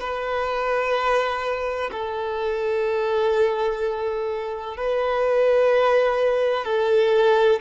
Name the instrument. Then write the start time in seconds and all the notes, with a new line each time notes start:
violin
0.00 B4
1.92 A4
4.77 B4
6.65 A4